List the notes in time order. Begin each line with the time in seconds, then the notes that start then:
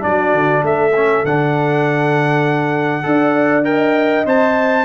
0.00 F#3 D4 F#4 D5
0.33 D3
0.62 A3 A4 E5
0.95 C#4
1.24 D3 D4 F#5
3.03 D4 A4 D5
3.64 A#4 D#5 G5
4.26 C4 C5 A5